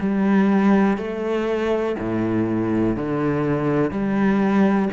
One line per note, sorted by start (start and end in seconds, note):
0.00 0.98 G3
0.98 1.96 A3
1.99 2.97 A2
2.97 3.91 D3
3.91 4.90 G3